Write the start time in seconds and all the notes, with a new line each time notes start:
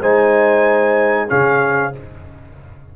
0.00 G#3 D#4 C5 G#5
1.28 C#3 C#4 G#4 F5